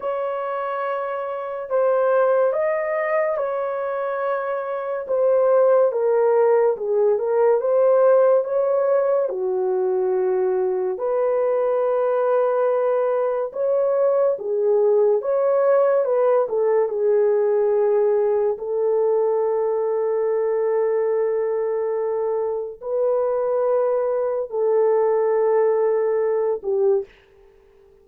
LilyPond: \new Staff \with { instrumentName = "horn" } { \time 4/4 \tempo 4 = 71 cis''2 c''4 dis''4 | cis''2 c''4 ais'4 | gis'8 ais'8 c''4 cis''4 fis'4~ | fis'4 b'2. |
cis''4 gis'4 cis''4 b'8 a'8 | gis'2 a'2~ | a'2. b'4~ | b'4 a'2~ a'8 g'8 | }